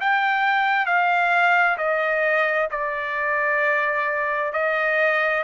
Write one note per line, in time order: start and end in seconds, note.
0.00 0.86 G5
0.86 1.77 F5
1.77 2.68 D#5
2.70 4.52 D5
4.52 5.43 D#5